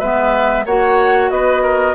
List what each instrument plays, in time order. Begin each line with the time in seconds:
0.00 bassoon G#3, clarinet B3, oboe B4, flute E5
0.66 bassoon A#3, clarinet F#4, oboe C#5, flute F#5
1.30 bassoon B3, oboe B4, flute D#5
1.62 oboe A#4